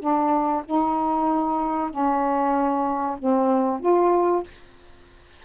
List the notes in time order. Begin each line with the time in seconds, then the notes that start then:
0.00 D4
0.66 D#4
1.91 C#4
3.19 C4
3.81 F4